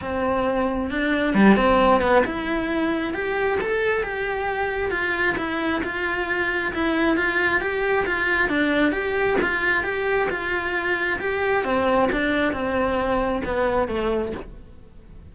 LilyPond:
\new Staff \with { instrumentName = "cello" } { \time 4/4 \tempo 4 = 134 c'2 d'4 g8 c'8~ | c'8 b8 e'2 g'4 | a'4 g'2 f'4 | e'4 f'2 e'4 |
f'4 g'4 f'4 d'4 | g'4 f'4 g'4 f'4~ | f'4 g'4 c'4 d'4 | c'2 b4 a4 | }